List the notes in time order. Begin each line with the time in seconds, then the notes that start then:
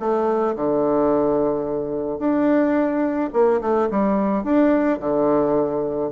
0.00 A3
0.56 D3
2.19 D4
3.33 A#3
3.61 A3
3.91 G3
4.44 D4
5.00 D3